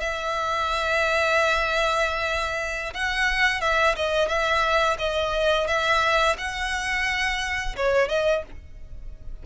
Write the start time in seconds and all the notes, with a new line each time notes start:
0.00 E5
2.93 F#5
3.61 E5
3.96 D#5
4.28 E5
4.98 D#5
5.67 E5
6.38 F#5
7.76 C#5
8.08 D#5